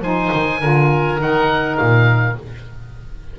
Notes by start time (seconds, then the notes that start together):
0.00 F3 D#4 C5 G#5
0.32 D#3
0.61 D3 F4 A#4
1.19 D#3 D#4 F#5
1.77 A#2 F5